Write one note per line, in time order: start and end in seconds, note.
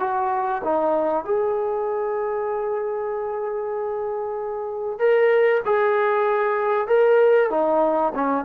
0.00 0.62 F#4
0.64 1.25 D#4
1.25 4.99 G#4
4.99 5.62 A#4
5.66 6.88 G#4
6.88 7.51 A#4
7.51 8.13 D#4
8.15 8.45 C#4